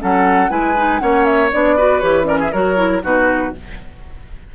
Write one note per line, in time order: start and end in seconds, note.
0.00 0.50 F#3
0.00 0.49 C#4
0.00 0.51 A4
0.00 0.50 F#5
0.49 1.01 G#3
0.49 0.75 E4
0.49 1.01 B4
0.49 1.00 G#5
0.77 1.00 D#4
1.00 1.53 A#3
1.00 1.50 C#4
1.00 1.76 C#5
1.00 1.25 F#5
1.25 1.50 E5
1.52 2.02 B3
1.52 1.78 D4
1.52 2.00 D5
1.76 2.02 F#4
1.76 2.27 B4
2.00 2.53 E3
2.00 2.24 G4
2.00 2.25 C#5
2.24 2.49 C#4
2.24 2.39 A#4
2.24 2.38 D5
2.39 2.52 G#4
2.39 2.53 E5
2.52 3.04 F#3
2.52 2.76 F#4
2.52 3.03 A#4
2.52 3.03 C#5
2.76 3.01 E4
3.03 3.54 B2
3.03 3.53 D#4
3.03 3.54 F#4
3.03 3.55 B4